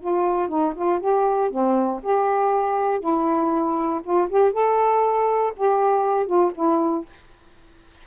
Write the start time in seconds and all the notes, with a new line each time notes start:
0.00 F4
0.48 D#4
0.75 F4
1.00 G4
1.51 C4
2.03 G4
3.00 E4
4.03 F4
4.29 G4
4.52 A4
5.56 G4
6.27 F4
6.55 E4